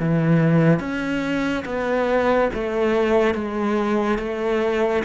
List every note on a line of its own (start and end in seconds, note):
0.00 0.80 E3
0.80 1.64 C#4
1.66 2.50 B3
2.54 3.35 A3
3.35 4.19 G#3
4.19 5.03 A3